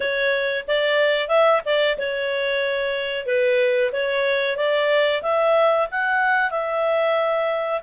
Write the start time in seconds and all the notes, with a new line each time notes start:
0.00 C#5
0.67 D5
1.28 E5
1.65 D5
1.97 C#5
3.26 B4
3.92 C#5
4.56 D5
5.22 E5
5.91 F#5
6.50 E5